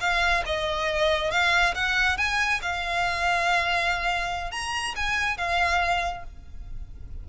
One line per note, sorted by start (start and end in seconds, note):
0.00 0.43 F5
0.46 1.31 D#5
1.31 1.74 F5
1.74 2.17 F#5
2.17 2.60 G#5
2.62 4.51 F5
4.51 4.94 A#5
4.96 5.37 G#5
5.37 6.23 F5